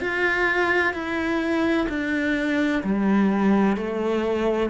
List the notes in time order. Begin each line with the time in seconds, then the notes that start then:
0.00 F4
0.93 E4
1.88 D4
2.83 G3
3.76 A3